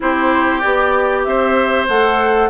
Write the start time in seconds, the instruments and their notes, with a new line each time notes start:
0.00 bassoon C4, clarinet E4, oboe G4, flute C5
0.60 bassoon B3, clarinet G4, flute D5
1.24 bassoon C4, oboe C5, flute E5
1.88 bassoon A3, clarinet A4, flute F#5